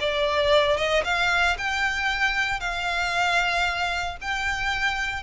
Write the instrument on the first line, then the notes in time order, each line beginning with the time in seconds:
violin
0.00 D5
0.77 D#5
1.04 F5
1.58 G5
2.60 F5
4.21 G5